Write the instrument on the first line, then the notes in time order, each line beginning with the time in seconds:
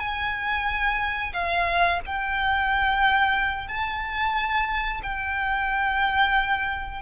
violin
0.00 G#5
1.34 F5
2.06 G5
3.68 A5
5.03 G5